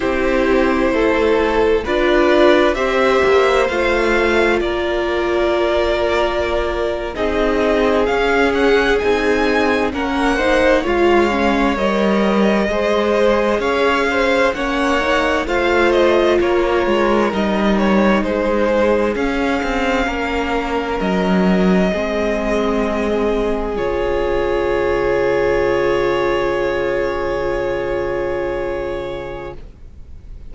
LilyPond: <<
  \new Staff \with { instrumentName = "violin" } { \time 4/4 \tempo 4 = 65 c''2 d''4 e''4 | f''4 d''2~ d''8. dis''16~ | dis''8. f''8 fis''8 gis''4 fis''4 f''16~ | f''8. dis''2 f''4 fis''16~ |
fis''8. f''8 dis''8 cis''4 dis''8 cis''8 c''16~ | c''8. f''2 dis''4~ dis''16~ | dis''4.~ dis''16 cis''2~ cis''16~ | cis''1 | }
  \new Staff \with { instrumentName = "violin" } { \time 4/4 g'4 a'4 b'4 c''4~ | c''4 ais'2~ ais'8. gis'16~ | gis'2~ gis'8. ais'8 c''8 cis''16~ | cis''4.~ cis''16 c''4 cis''8 c''8 cis''16~ |
cis''8. c''4 ais'2 gis'16~ | gis'4.~ gis'16 ais'2 gis'16~ | gis'1~ | gis'1 | }
  \new Staff \with { instrumentName = "viola" } { \time 4/4 e'2 f'4 g'4 | f'2.~ f'8. dis'16~ | dis'8. cis'4 dis'4 cis'8 dis'8 f'16~ | f'16 cis'8 ais'4 gis'2 cis'16~ |
cis'16 dis'8 f'2 dis'4~ dis'16~ | dis'8. cis'2. c'16~ | c'4.~ c'16 f'2~ f'16~ | f'1 | }
  \new Staff \with { instrumentName = "cello" } { \time 4/4 c'4 a4 d'4 c'8 ais8 | a4 ais2~ ais8. c'16~ | c'8. cis'4 c'4 ais4 gis16~ | gis8. g4 gis4 cis'4 ais16~ |
ais8. a4 ais8 gis8 g4 gis16~ | gis8. cis'8 c'8 ais4 fis4 gis16~ | gis4.~ gis16 cis2~ cis16~ | cis1 | }
>>